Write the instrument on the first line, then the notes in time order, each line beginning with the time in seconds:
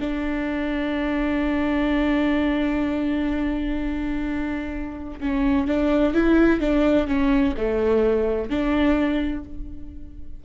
viola
0.00 D4
5.20 C#4
5.67 D4
6.14 E4
6.60 D4
7.07 C#4
7.57 A3
8.50 D4